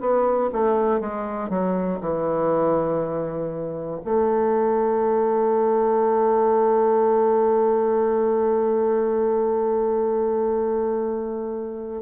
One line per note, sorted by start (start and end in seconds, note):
0.00 0.50 B3
0.53 1.00 A3
1.00 1.49 G#3
1.49 1.99 F#3
2.00 4.00 E3
4.05 12.02 A3